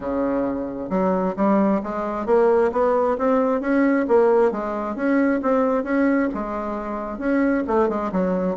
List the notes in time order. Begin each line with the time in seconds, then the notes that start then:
0.00 C#3
0.89 F#3
1.36 G3
1.83 G#3
2.26 A#3
2.71 B3
3.18 C4
3.60 C#4
4.07 A#3
4.51 G#3
4.95 C#4
5.42 C4
5.83 C#4
6.34 G#3
7.18 C#4
7.67 A3
7.88 G#3
8.11 F#3